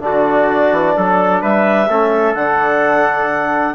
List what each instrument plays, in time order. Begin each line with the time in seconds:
0.00 bassoon D3, trombone D4, trumpet F#4, clarinet D5
0.72 bassoon E3
0.96 bassoon F#3, trumpet A4
1.41 bassoon G3, trumpet B4, clarinet E5
1.88 bassoon A3, trombone C#4, trumpet A4
2.34 bassoon D3, trombone D4, clarinet F#5